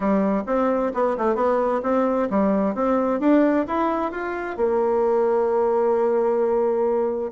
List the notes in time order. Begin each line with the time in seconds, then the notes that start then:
0.00 G3
0.46 C4
0.94 B3
1.17 A3
1.35 B3
1.83 C4
2.30 G3
2.74 C4
3.20 D4
3.67 E4
4.11 F4
4.56 A#3